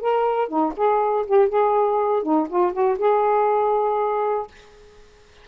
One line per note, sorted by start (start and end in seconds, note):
0.00 0.48 A#4
0.48 0.73 D#4
0.76 1.26 G#4
1.27 1.49 G4
1.49 2.23 G#4
2.23 2.47 D#4
2.49 2.73 F4
2.73 2.97 F#4
2.98 4.47 G#4